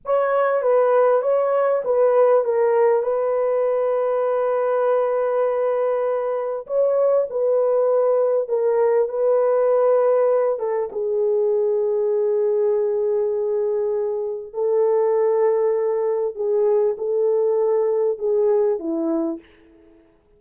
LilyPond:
\new Staff \with { instrumentName = "horn" } { \time 4/4 \tempo 4 = 99 cis''4 b'4 cis''4 b'4 | ais'4 b'2.~ | b'2. cis''4 | b'2 ais'4 b'4~ |
b'4. a'8 gis'2~ | gis'1 | a'2. gis'4 | a'2 gis'4 e'4 | }